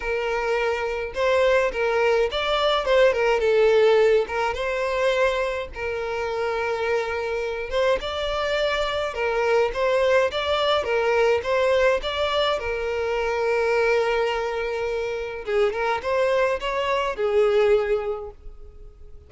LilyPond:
\new Staff \with { instrumentName = "violin" } { \time 4/4 \tempo 4 = 105 ais'2 c''4 ais'4 | d''4 c''8 ais'8 a'4. ais'8 | c''2 ais'2~ | ais'4. c''8 d''2 |
ais'4 c''4 d''4 ais'4 | c''4 d''4 ais'2~ | ais'2. gis'8 ais'8 | c''4 cis''4 gis'2 | }